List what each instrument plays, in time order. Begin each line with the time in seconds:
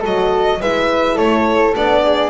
0.00 double bass F#3, horn F#4, flute A4, violin D#5
0.61 double bass G#3, horn E4, flute B4, violin E5
1.15 double bass A3, flute A4, violin C#5
1.75 double bass B3, horn D4, violin D5
2.03 flute G#4